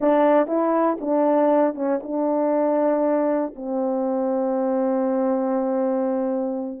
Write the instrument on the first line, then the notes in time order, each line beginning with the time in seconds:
horn
0.00 D4
0.47 E4
1.00 D4
1.75 C#4
2.02 D4
3.55 C4